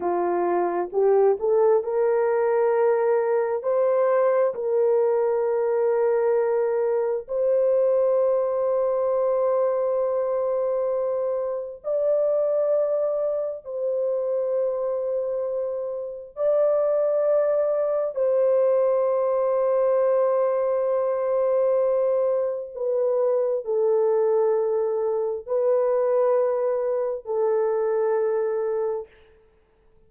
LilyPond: \new Staff \with { instrumentName = "horn" } { \time 4/4 \tempo 4 = 66 f'4 g'8 a'8 ais'2 | c''4 ais'2. | c''1~ | c''4 d''2 c''4~ |
c''2 d''2 | c''1~ | c''4 b'4 a'2 | b'2 a'2 | }